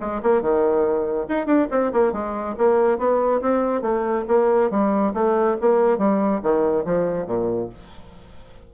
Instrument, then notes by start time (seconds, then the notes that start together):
bassoon
0.00 G#3
0.22 A#3
0.41 D#3
1.28 D#4
1.46 D4
1.71 C4
1.92 A#3
2.12 G#3
2.58 A#3
2.98 B3
3.41 C4
3.82 A3
4.28 A#3
4.70 G3
5.14 A3
5.61 A#3
5.98 G3
6.42 D#3
6.85 F3
7.26 A#2